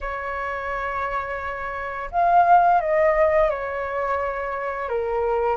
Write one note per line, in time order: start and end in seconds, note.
0.00 2.10 C#5
2.11 2.80 F5
2.80 3.49 D#5
3.49 4.88 C#5
4.88 5.57 A#4